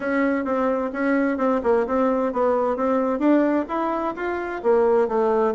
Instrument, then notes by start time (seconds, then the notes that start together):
bassoon
0.00 C#4
0.44 C4
0.92 C#4
1.37 C4
1.63 A#3
1.87 C4
2.32 B3
2.76 C4
3.19 D4
3.68 E4
4.16 F4
4.62 A#3
5.07 A3